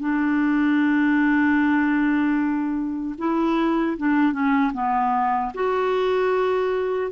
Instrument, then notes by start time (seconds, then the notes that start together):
clarinet
0.00 D4
3.19 E4
3.98 D4
4.33 C#4
4.74 B3
5.55 F#4